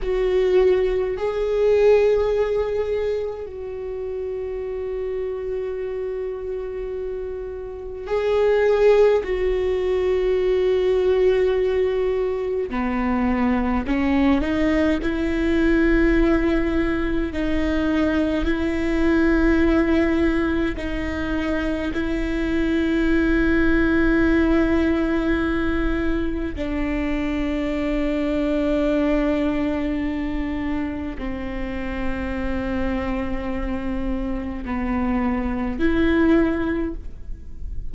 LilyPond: \new Staff \with { instrumentName = "viola" } { \time 4/4 \tempo 4 = 52 fis'4 gis'2 fis'4~ | fis'2. gis'4 | fis'2. b4 | cis'8 dis'8 e'2 dis'4 |
e'2 dis'4 e'4~ | e'2. d'4~ | d'2. c'4~ | c'2 b4 e'4 | }